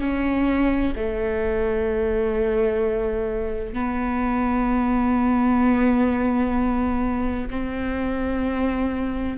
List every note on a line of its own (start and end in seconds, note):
0.00 0.94 C#4
0.96 3.74 A3
3.74 7.49 B3
7.50 9.38 C4